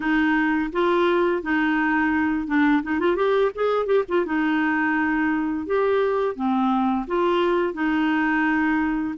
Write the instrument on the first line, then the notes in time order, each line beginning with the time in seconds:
clarinet
0.00 D#4
0.72 F4
1.42 D#4
2.47 D4
2.82 D#4
2.99 F4
3.15 G4
3.54 G#4
3.86 G4
4.08 F4
4.25 D#4
5.66 G4
6.35 C4
7.07 F4
7.73 D#4